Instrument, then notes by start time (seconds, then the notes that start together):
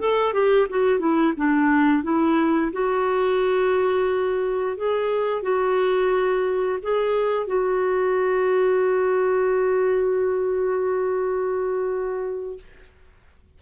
clarinet
0.00 A4
0.33 G4
0.70 F#4
1.00 E4
1.37 D4
2.04 E4
2.73 F#4
4.77 G#4
5.43 F#4
6.83 G#4
7.48 F#4